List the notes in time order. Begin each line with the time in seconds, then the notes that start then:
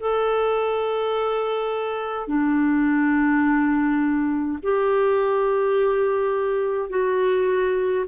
0.00 A4
2.27 D4
4.63 G4
6.90 F#4